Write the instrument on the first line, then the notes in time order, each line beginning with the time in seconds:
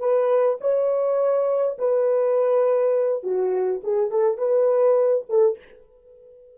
horn
0.00 B4
0.61 C#5
1.79 B4
3.24 F#4
3.84 G#4
4.11 A4
4.38 B4
5.29 A4